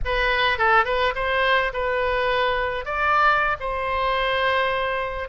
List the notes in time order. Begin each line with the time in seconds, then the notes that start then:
0.04 B4
0.57 A4
0.84 B4
1.15 C5
1.73 B4
2.85 D5
3.59 C5